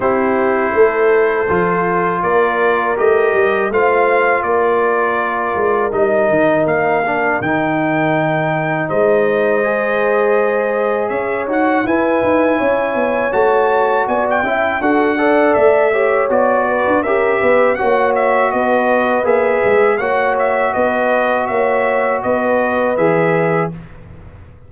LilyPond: <<
  \new Staff \with { instrumentName = "trumpet" } { \time 4/4 \tempo 4 = 81 c''2. d''4 | dis''4 f''4 d''2 | dis''4 f''4 g''2 | dis''2. e''8 fis''8 |
gis''2 a''4 gis''16 g''8. | fis''4 e''4 d''4 e''4 | fis''8 e''8 dis''4 e''4 fis''8 e''8 | dis''4 e''4 dis''4 e''4 | }
  \new Staff \with { instrumentName = "horn" } { \time 4/4 g'4 a'2 ais'4~ | ais'4 c''4 ais'2~ | ais'1 | c''2. cis''4 |
b'4 cis''2 d''8 e''8 | a'8 d''4 cis''4 b'8 ais'8 b'8 | cis''4 b'2 cis''4 | b'4 cis''4 b'2 | }
  \new Staff \with { instrumentName = "trombone" } { \time 4/4 e'2 f'2 | g'4 f'2. | dis'4. d'8 dis'2~ | dis'4 gis'2~ gis'8 fis'8 |
e'2 fis'4. e'8 | fis'8 a'4 g'8 fis'4 g'4 | fis'2 gis'4 fis'4~ | fis'2. gis'4 | }
  \new Staff \with { instrumentName = "tuba" } { \time 4/4 c'4 a4 f4 ais4 | a8 g8 a4 ais4. gis8 | g8 dis8 ais4 dis2 | gis2. cis'8 dis'8 |
e'8 dis'8 cis'8 b8 a4 b8 cis'8 | d'4 a4 b8. d'16 cis'8 b8 | ais4 b4 ais8 gis8 ais4 | b4 ais4 b4 e4 | }
>>